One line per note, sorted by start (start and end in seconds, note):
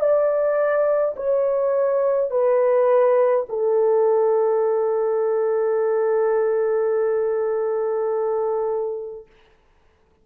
0.00 1.15 D5
1.16 2.31 C#5
2.31 3.47 B4
3.50 9.27 A4